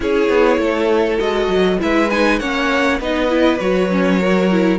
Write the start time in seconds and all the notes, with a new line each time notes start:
0.00 C#4 E4 G#4 C#5
0.29 B3
0.58 A3 A4
1.19 G#3 F#4 D#5
1.48 F#3
1.79 G#3 E4 B4 E5
2.10 D#4 G#5
2.39 A#3 C#4 C#5 F#5
2.99 B3 D#4 B4 D#5
3.29 E4
3.58 F#3 F#4 C#5
3.90 C#4
4.19 F#4 A#4
4.51 E4